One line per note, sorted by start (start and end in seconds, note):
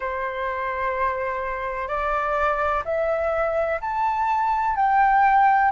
0.00 1.87 C5
1.87 2.83 D5
2.84 3.80 E5
3.81 4.76 A5
4.76 5.71 G5